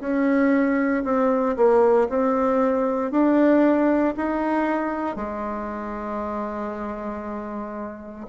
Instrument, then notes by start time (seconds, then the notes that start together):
bassoon
0.00 C#4
1.04 C4
1.56 A#3
2.09 C4
3.11 D4
4.17 D#4
5.16 G#3